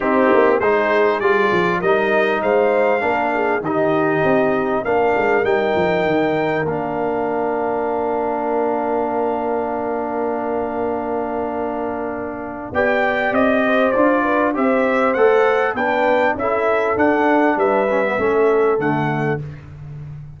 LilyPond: <<
  \new Staff \with { instrumentName = "trumpet" } { \time 4/4 \tempo 4 = 99 g'4 c''4 d''4 dis''4 | f''2 dis''2 | f''4 g''2 f''4~ | f''1~ |
f''1~ | f''4 g''4 dis''4 d''4 | e''4 fis''4 g''4 e''4 | fis''4 e''2 fis''4 | }
  \new Staff \with { instrumentName = "horn" } { \time 4/4 dis'4 gis'2 ais'4 | c''4 ais'8 gis'8 g'2 | ais'1~ | ais'1~ |
ais'1~ | ais'4 d''4. c''4 b'8 | c''2 b'4 a'4~ | a'4 b'4 a'2 | }
  \new Staff \with { instrumentName = "trombone" } { \time 4/4 c'4 dis'4 f'4 dis'4~ | dis'4 d'4 dis'2 | d'4 dis'2 d'4~ | d'1~ |
d'1~ | d'4 g'2 f'4 | g'4 a'4 d'4 e'4 | d'4. cis'16 b16 cis'4 a4 | }
  \new Staff \with { instrumentName = "tuba" } { \time 4/4 c'8 ais8 gis4 g8 f8 g4 | gis4 ais4 dis4 c'4 | ais8 gis8 g8 f8 dis4 ais4~ | ais1~ |
ais1~ | ais4 b4 c'4 d'4 | c'4 a4 b4 cis'4 | d'4 g4 a4 d4 | }
>>